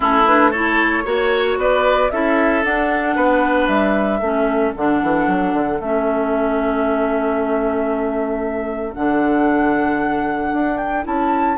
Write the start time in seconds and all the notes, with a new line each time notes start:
0.00 A3 C#4 E4 A4
0.26 D4 B4
0.50 E4 A4 C#5
1.04 A#3 F#4 C#5
1.57 B3 B4 D5
2.11 C#4 E4 A4 E5
2.63 D4 F#5
3.15 B3 B4
3.67 G3 E5
4.19 A3 C#4 A4
4.76 D3 D4 F#5
5.02 E3
5.27 F#3
5.53 D3
5.79 A3 C#4 E5
8.93 D3 D4 F#5
10.52 D4
10.77 G5
11.03 C#4 E4 A5